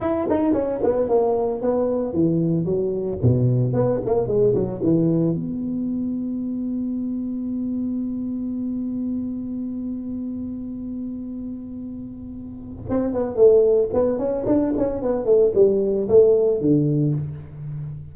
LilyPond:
\new Staff \with { instrumentName = "tuba" } { \time 4/4 \tempo 4 = 112 e'8 dis'8 cis'8 b8 ais4 b4 | e4 fis4 b,4 b8 ais8 | gis8 fis8 e4 b2~ | b1~ |
b1~ | b1 | c'8 b8 a4 b8 cis'8 d'8 cis'8 | b8 a8 g4 a4 d4 | }